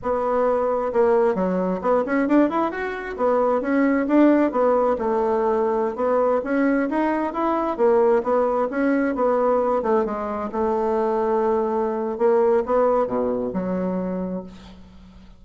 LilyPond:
\new Staff \with { instrumentName = "bassoon" } { \time 4/4 \tempo 4 = 133 b2 ais4 fis4 | b8 cis'8 d'8 e'8 fis'4 b4 | cis'4 d'4 b4 a4~ | a4~ a16 b4 cis'4 dis'8.~ |
dis'16 e'4 ais4 b4 cis'8.~ | cis'16 b4. a8 gis4 a8.~ | a2. ais4 | b4 b,4 fis2 | }